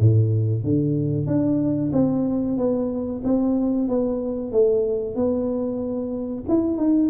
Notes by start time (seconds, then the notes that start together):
0.00 A2
0.64 D3
1.27 D4
1.94 C4
2.58 B3
3.24 C4
3.89 B3
4.52 A3
5.16 B3
6.49 E4
6.78 D#4